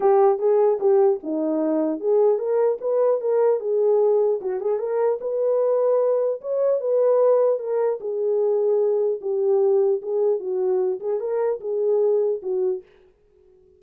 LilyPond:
\new Staff \with { instrumentName = "horn" } { \time 4/4 \tempo 4 = 150 g'4 gis'4 g'4 dis'4~ | dis'4 gis'4 ais'4 b'4 | ais'4 gis'2 fis'8 gis'8 | ais'4 b'2. |
cis''4 b'2 ais'4 | gis'2. g'4~ | g'4 gis'4 fis'4. gis'8 | ais'4 gis'2 fis'4 | }